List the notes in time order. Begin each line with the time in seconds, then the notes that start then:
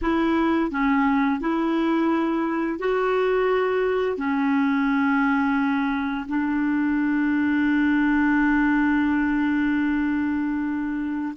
0.01 E4
0.70 C#4
1.40 E4
2.79 F#4
4.17 C#4
6.28 D4